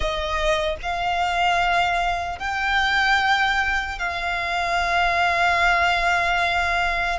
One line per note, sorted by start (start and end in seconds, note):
0.00 0.76 D#5
0.82 2.39 F5
2.39 3.99 G5
3.99 7.19 F5